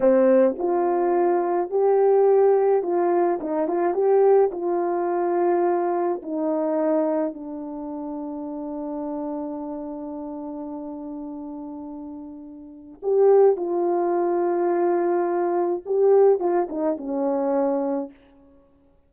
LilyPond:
\new Staff \with { instrumentName = "horn" } { \time 4/4 \tempo 4 = 106 c'4 f'2 g'4~ | g'4 f'4 dis'8 f'8 g'4 | f'2. dis'4~ | dis'4 d'2.~ |
d'1~ | d'2. g'4 | f'1 | g'4 f'8 dis'8 cis'2 | }